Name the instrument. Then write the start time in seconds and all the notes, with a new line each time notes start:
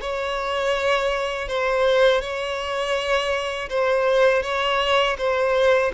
violin
0.00 C#5
1.48 C5
2.21 C#5
3.69 C5
4.42 C#5
5.18 C5